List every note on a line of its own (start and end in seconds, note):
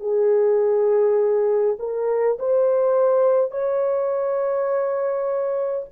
0.00 1.76 G#4
1.79 2.37 A#4
2.39 3.51 C5
3.51 5.86 C#5